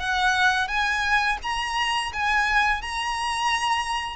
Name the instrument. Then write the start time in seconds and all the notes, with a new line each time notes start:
violin
0.00 F#5
0.68 G#5
1.42 A#5
2.13 G#5
2.82 A#5